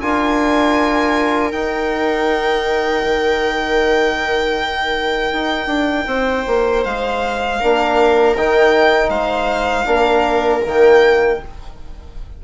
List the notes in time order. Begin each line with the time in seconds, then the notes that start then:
0.00 D4 F4 A#4 G#5
1.52 D#4 G5
3.05 D#3
5.33 D#4
5.67 D4
6.07 C4 C5
6.47 A#3
6.85 G#3 F5
7.60 A#3 D4 A#4
8.37 D#3 D#4 G5
9.09 G#3 C5 F5
9.86 A#3 D4 A#4
10.63 D#3 A#3 G5